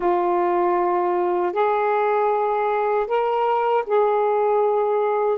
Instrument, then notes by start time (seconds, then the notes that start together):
saxophone
0.00 F4
1.52 G#4
3.07 A#4
3.86 G#4